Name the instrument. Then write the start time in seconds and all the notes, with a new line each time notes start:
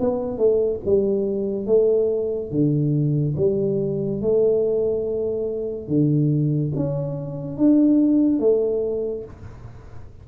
tuba
0.00 B3
0.38 A3
0.86 G3
1.66 A3
2.51 D3
3.37 G3
4.21 A3
5.88 D3
6.76 C#4
7.57 D4
8.40 A3